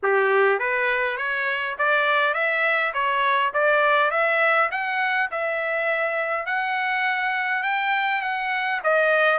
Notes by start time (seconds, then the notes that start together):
0.02 G4
0.59 B4
1.17 C#5
1.78 D5
2.33 E5
2.93 C#5
3.53 D5
4.10 E5
4.71 F#5
5.31 E5
6.45 F#5
7.62 G5
8.21 F#5
8.83 D#5